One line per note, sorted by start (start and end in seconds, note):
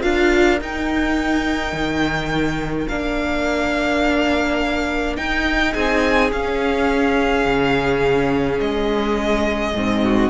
0.00 0.60 D4
0.00 0.58 F4
0.00 5.71 A#4
0.00 0.59 F5
0.60 1.72 D#4
0.60 2.89 D#4
0.60 2.88 G5
1.72 2.87 D#3
2.88 5.17 A#3
2.88 5.17 D4
2.88 5.16 F5
5.17 6.31 D#4
5.17 5.75 D#4
5.17 5.73 G5
5.72 6.32 C4
5.72 10.01 G#4
5.72 6.30 G#5
6.32 7.45 C#4
6.32 9.75 C#4
6.32 8.60 F5
7.45 8.60 C#3
8.60 9.73 G#3
8.60 10.30 D#5
9.73 10.30 G#2
9.73 10.30 C4
10.04 10.30 F#4